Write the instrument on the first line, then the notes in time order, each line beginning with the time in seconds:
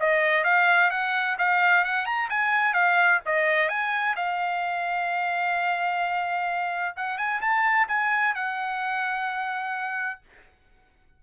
trumpet
0.00 D#5
0.44 F5
0.90 F#5
1.38 F5
1.84 F#5
2.05 A#5
2.29 G#5
2.73 F5
3.26 D#5
3.68 G#5
4.16 F5
6.96 F#5
7.18 G#5
7.41 A5
7.88 G#5
8.35 F#5